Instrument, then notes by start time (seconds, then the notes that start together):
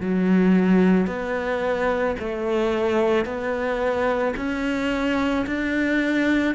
cello
0.00 F#3
1.06 B3
2.19 A3
3.25 B3
4.36 C#4
5.46 D4